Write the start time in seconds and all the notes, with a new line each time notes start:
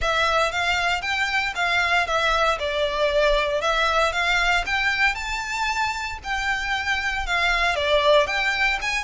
0.01 E5
0.51 F5
1.01 G5
1.55 F5
2.06 E5
2.59 D5
3.61 E5
4.12 F5
4.66 G5
5.15 A5
6.23 G5
7.26 F5
7.75 D5
8.26 G5
8.81 G#5